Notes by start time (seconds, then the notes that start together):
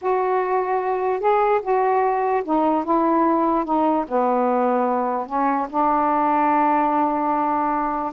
0.01 F#4
1.20 G#4
1.62 F#4
2.44 D#4
2.84 E4
3.64 D#4
4.07 B3
5.26 C#4
5.69 D4